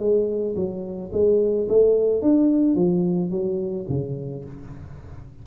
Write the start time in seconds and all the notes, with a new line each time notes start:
0.00 G#3
0.56 F#3
1.13 G#3
1.69 A3
2.23 D4
2.76 F3
3.31 F#3
3.89 C#3